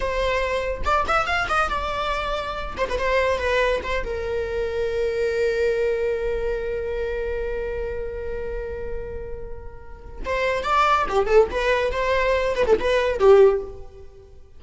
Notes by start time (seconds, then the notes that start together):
0.00 C5
0.84 D5
1.07 E5
1.26 F5
1.49 D#5
1.69 D5
2.77 C5
2.89 B4
2.98 C5
3.38 B4
3.83 C5
4.03 A#4
10.25 C5
10.63 D5
11.09 G4
11.26 A4
11.50 B4
11.91 C5
12.55 B4
12.66 A4
12.79 B4
13.19 G4